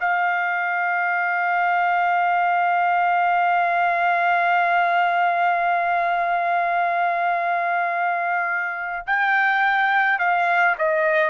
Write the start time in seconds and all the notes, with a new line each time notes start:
0.00 F5
9.06 G5
10.19 F5
10.78 D#5